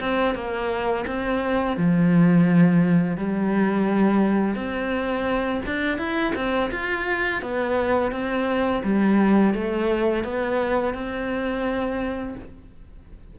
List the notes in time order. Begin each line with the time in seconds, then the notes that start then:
0.00 C4
0.35 A#3
1.07 C4
1.77 F3
3.17 G3
4.55 C4
5.66 D4
5.98 E4
6.35 C4
6.72 F4
7.42 B3
8.12 C4
8.84 G3
9.54 A3
10.24 B3
10.94 C4